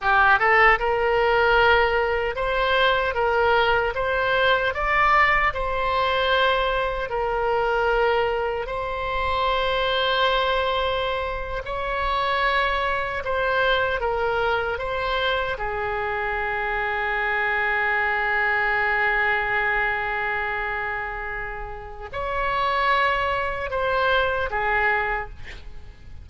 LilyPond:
\new Staff \with { instrumentName = "oboe" } { \time 4/4 \tempo 4 = 76 g'8 a'8 ais'2 c''4 | ais'4 c''4 d''4 c''4~ | c''4 ais'2 c''4~ | c''2~ c''8. cis''4~ cis''16~ |
cis''8. c''4 ais'4 c''4 gis'16~ | gis'1~ | gis'1 | cis''2 c''4 gis'4 | }